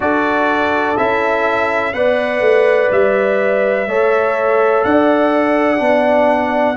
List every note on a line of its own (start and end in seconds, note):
0.00 0.97 D4
0.00 0.96 F#4
0.00 1.95 A4
0.00 0.97 D5
0.97 1.93 C#4
0.97 1.94 E4
0.97 1.93 E5
1.93 2.41 B3
1.93 3.87 B4
1.93 3.88 D5
1.93 2.90 F#5
2.41 2.89 A3
2.91 3.87 G3
2.91 4.84 E5
3.87 4.83 A3
3.87 5.78 A4
3.87 4.85 C#5
4.84 5.80 D4
4.84 6.77 D5
4.84 6.77 F#5
5.78 6.76 B3
5.78 6.74 D4